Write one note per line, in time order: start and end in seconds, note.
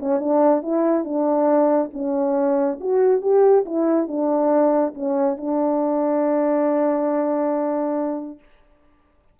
0.00 0.20 C#4
0.20 0.63 D4
0.63 1.05 E4
1.05 1.91 D4
1.94 2.80 C#4
2.81 3.22 F#4
3.22 3.65 G4
3.66 4.08 E4
4.08 4.94 D4
4.95 5.37 C#4
5.37 8.40 D4